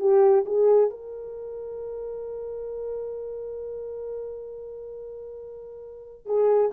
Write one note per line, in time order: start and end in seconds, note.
0.00 0.45 G4
0.46 0.90 G#4
0.90 6.26 A#4
6.26 6.70 G#4